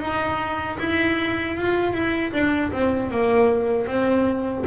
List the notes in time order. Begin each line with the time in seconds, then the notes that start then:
0.00 D#4
0.79 E4
1.57 F4
1.93 E4
2.33 D4
2.72 C4
3.11 A#3
3.87 C4